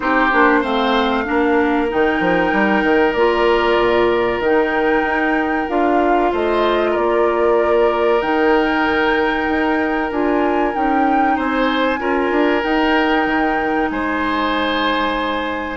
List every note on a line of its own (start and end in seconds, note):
0.00 0.31 C4
0.00 0.29 D#4
0.00 0.60 G4
0.00 0.62 C5
0.31 0.63 A#3
0.31 0.62 D4
0.60 1.26 A3
0.60 1.24 C4
0.60 1.23 C5
0.60 1.89 F5
1.24 1.91 A#3
1.24 1.88 D4
1.24 6.31 A#4
1.88 2.20 D#3
1.88 3.15 D#4
1.88 3.12 G5
2.20 2.51 F3
2.52 2.83 G3
2.83 3.14 D#3
3.12 3.77 A#3
3.12 4.43 F4
3.12 4.39 D5
3.78 4.39 A#2
4.39 5.02 D#3
4.39 5.68 D#4
4.39 5.69 G5
5.02 5.65 D#4
5.68 6.32 D4
5.68 8.21 F4
5.68 6.32 F5
6.31 6.96 A3
6.31 6.91 C5
6.31 6.96 D#5
6.91 8.21 A#3
6.91 11.33 A#4
6.91 8.21 D5
8.21 9.48 D#3
8.21 10.11 D#4
8.21 10.10 G5
9.48 10.11 D#4
10.11 10.74 D4
10.11 10.73 F4
10.11 10.74 G#5
10.73 11.37 C#4
10.73 11.98 D#4
10.73 11.38 G5
11.36 11.99 C4
11.36 11.99 C5
11.36 12.63 G#5
11.98 12.30 C#4
11.98 12.61 F4
11.98 13.89 A#4
12.30 12.62 D4
12.62 15.77 D#4
12.62 13.26 D#4
12.62 13.89 G5
13.26 13.89 D#3
13.90 15.77 G#3
13.90 15.77 C5
13.90 15.77 G#5